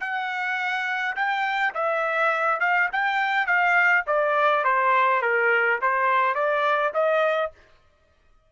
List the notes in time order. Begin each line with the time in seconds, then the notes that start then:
0.00 F#5
1.16 G5
1.74 E5
2.60 F5
2.92 G5
3.47 F5
4.07 D5
4.64 C5
5.22 A#4
5.81 C5
6.35 D5
6.94 D#5